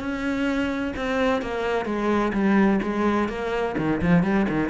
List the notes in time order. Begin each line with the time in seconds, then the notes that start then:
0.00 C#4
0.96 C4
1.42 A#3
1.86 G#3
2.33 G3
2.83 G#3
3.29 A#3
3.78 D#3
4.02 F3
4.23 G3
4.49 D#3